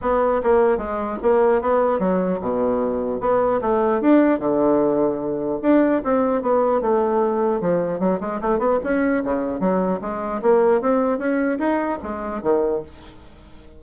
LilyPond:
\new Staff \with { instrumentName = "bassoon" } { \time 4/4 \tempo 4 = 150 b4 ais4 gis4 ais4 | b4 fis4 b,2 | b4 a4 d'4 d4~ | d2 d'4 c'4 |
b4 a2 f4 | fis8 gis8 a8 b8 cis'4 cis4 | fis4 gis4 ais4 c'4 | cis'4 dis'4 gis4 dis4 | }